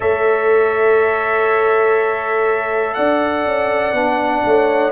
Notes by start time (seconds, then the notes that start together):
0.00 A3 A4 C#5 E5
2.94 D4 D5 F#5
3.44 C#4
3.92 B3 D4
4.45 A3 C#5